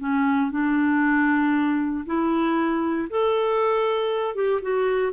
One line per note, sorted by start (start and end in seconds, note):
0.00 0.51 C#4
0.52 2.05 D4
2.06 3.09 E4
3.10 4.35 A4
4.35 4.61 G4
4.62 5.13 F#4